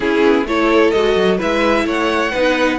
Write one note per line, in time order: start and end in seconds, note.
0.00 0.23 C#4
0.00 0.45 C#4
0.00 0.47 E4
0.00 0.46 G#4
0.23 0.44 B3
0.44 0.91 A3
0.44 0.94 E4
0.44 1.37 A4
0.44 0.91 C#5
0.91 1.16 G#3
0.91 1.38 F#4
0.91 1.37 D#5
1.16 1.39 F#3
1.37 1.85 G#3
1.37 2.31 E4
1.37 1.84 B4
1.37 1.88 E5
1.85 2.31 A3
1.85 2.31 C#5
1.85 2.78 F#5
2.31 2.78 B3
2.31 2.78 D#4
2.31 2.78 B4